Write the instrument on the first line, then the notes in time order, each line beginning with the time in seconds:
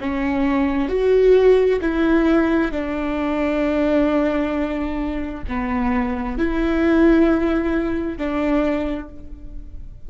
viola
0.00 C#4
0.88 F#4
1.81 E4
2.71 D4
5.48 B3
6.38 E4
8.17 D4